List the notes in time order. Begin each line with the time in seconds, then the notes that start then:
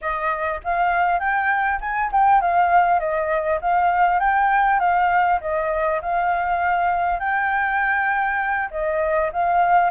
0.01 D#5
0.64 F5
1.19 G5
1.80 G#5
2.12 G5
2.41 F5
2.99 D#5
3.61 F5
4.19 G5
4.79 F5
5.41 D#5
6.01 F5
7.19 G5
8.70 D#5
9.32 F5